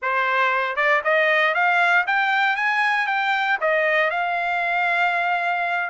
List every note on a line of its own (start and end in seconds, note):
0.02 0.76 C5
0.76 1.01 D5
1.03 1.54 D#5
1.54 2.05 F5
2.07 2.56 G5
2.56 3.06 G#5
3.06 3.58 G5
3.60 4.10 D#5
4.10 5.90 F5